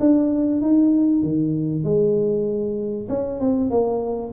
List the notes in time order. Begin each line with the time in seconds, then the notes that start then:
0.00 D4
0.61 D#4
1.23 D#3
1.84 G#3
3.09 C#4
3.40 C4
3.71 A#3